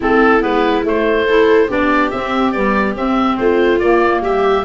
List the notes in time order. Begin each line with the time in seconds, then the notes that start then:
0.00 A3 C4 E4 A4
0.40 G#3 B3 B4
0.84 A3 C5
1.27 E4 A4
1.68 B3 D4 G4 D5
2.10 C4 E5
2.51 G3 B3 D5
2.95 C4 E5
3.37 A3 F4 C5
3.79 A#3 D5
4.21 G3 G4 E5